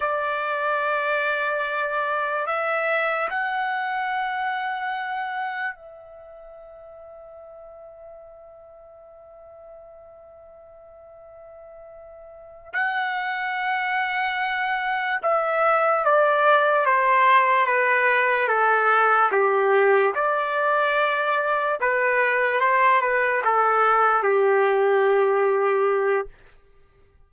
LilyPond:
\new Staff \with { instrumentName = "trumpet" } { \time 4/4 \tempo 4 = 73 d''2. e''4 | fis''2. e''4~ | e''1~ | e''2.~ e''8 fis''8~ |
fis''2~ fis''8 e''4 d''8~ | d''8 c''4 b'4 a'4 g'8~ | g'8 d''2 b'4 c''8 | b'8 a'4 g'2~ g'8 | }